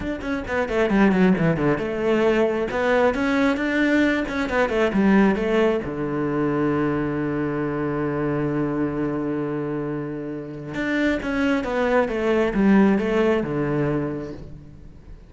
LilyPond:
\new Staff \with { instrumentName = "cello" } { \time 4/4 \tempo 4 = 134 d'8 cis'8 b8 a8 g8 fis8 e8 d8 | a2 b4 cis'4 | d'4. cis'8 b8 a8 g4 | a4 d2.~ |
d1~ | d1 | d'4 cis'4 b4 a4 | g4 a4 d2 | }